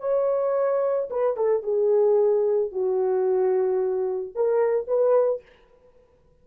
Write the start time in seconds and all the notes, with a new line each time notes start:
0.00 C#5
1.10 B4
1.37 A4
1.63 G#4
2.72 F#4
4.35 A#4
4.88 B4